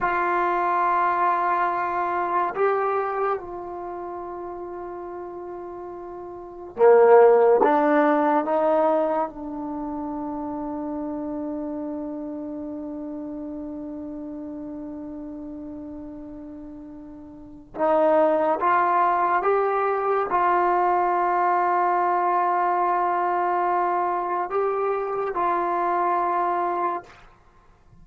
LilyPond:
\new Staff \with { instrumentName = "trombone" } { \time 4/4 \tempo 4 = 71 f'2. g'4 | f'1 | ais4 d'4 dis'4 d'4~ | d'1~ |
d'1~ | d'4 dis'4 f'4 g'4 | f'1~ | f'4 g'4 f'2 | }